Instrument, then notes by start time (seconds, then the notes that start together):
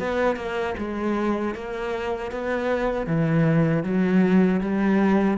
cello
0.00 B3
0.37 A#3
0.78 G#3
1.55 A#3
2.32 B3
3.07 E3
3.84 F#3
4.61 G3